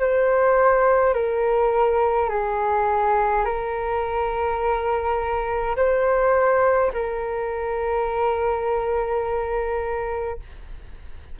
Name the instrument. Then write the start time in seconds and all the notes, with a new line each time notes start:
flute
0.00 C5
1.14 A#4
2.30 G#4
3.45 A#4
5.76 C5
6.93 A#4